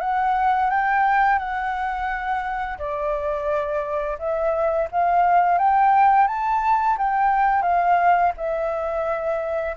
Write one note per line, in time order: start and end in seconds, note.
0.00 0.70 F#5
0.70 1.38 G5
1.38 2.78 F#5
2.78 4.17 D5
4.18 4.88 E5
4.91 5.58 F5
5.58 6.27 G5
6.27 6.97 A5
6.98 7.62 G5
7.62 8.32 F5
8.37 9.76 E5